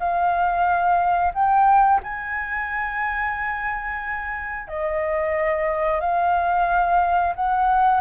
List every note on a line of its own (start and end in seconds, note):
0.00 1.33 F5
1.34 2.01 G5
2.04 4.68 G#5
4.68 6.01 D#5
6.01 7.34 F5
7.35 8.01 F#5